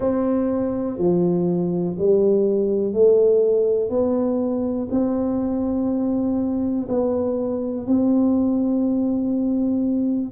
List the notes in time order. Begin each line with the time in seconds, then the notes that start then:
0.00 C4
0.98 F3
1.98 G3
2.92 A3
3.89 B3
4.90 C4
6.88 B3
7.86 C4